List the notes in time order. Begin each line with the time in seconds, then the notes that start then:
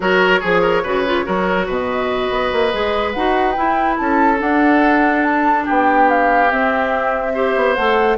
0.00 F#3 F#4 A#4 C#5
0.40 F3 G#4
0.61 A#4
0.83 C#3 F#4 B4
1.05 F4
1.24 F#3 F#4 A#4
1.66 B2 B4 D#5
2.31 B3
2.52 A#3
2.72 G#3 G#4
3.12 D#4 F#4 F#5
3.52 E4 G5
3.97 C#4 A4 A5
4.37 D4 F#5
5.23 A5
5.65 B3 G4 G5
6.09 F5
6.50 C4 E5
7.34 G4 C5
7.55 B3
7.74 A3 A4 F#5